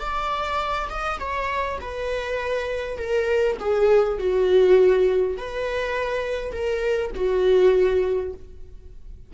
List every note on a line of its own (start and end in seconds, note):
0.00 0.89 D5
0.89 1.19 D#5
1.20 1.79 C#5
1.81 2.98 B4
2.98 3.57 A#4
3.60 4.19 G#4
4.19 5.38 F#4
5.38 6.52 B4
6.52 7.11 A#4
7.15 8.34 F#4